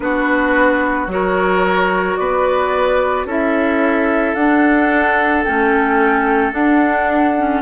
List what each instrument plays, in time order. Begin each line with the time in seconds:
0.00 bassoon B3, clarinet D4, oboe F#4, flute B4
1.07 bassoon F#3, clarinet F#4, flute C#5
1.13 oboe A#4
2.17 bassoon B3, oboe B4, flute D5
3.25 bassoon C#4, clarinet E4, oboe A4, flute E5
4.34 bassoon D4, clarinet D4, flute F#5
5.43 bassoon A3, clarinet C#4, flute G5
6.52 bassoon D4, clarinet D4, flute F#5
7.37 clarinet C#4